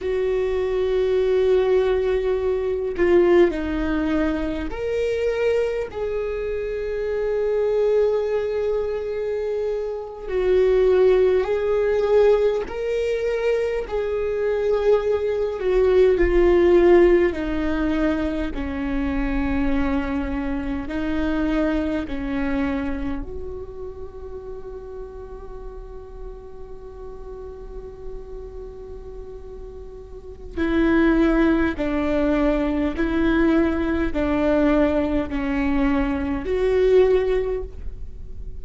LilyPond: \new Staff \with { instrumentName = "viola" } { \time 4/4 \tempo 4 = 51 fis'2~ fis'8 f'8 dis'4 | ais'4 gis'2.~ | gis'8. fis'4 gis'4 ais'4 gis'16~ | gis'4~ gis'16 fis'8 f'4 dis'4 cis'16~ |
cis'4.~ cis'16 dis'4 cis'4 fis'16~ | fis'1~ | fis'2 e'4 d'4 | e'4 d'4 cis'4 fis'4 | }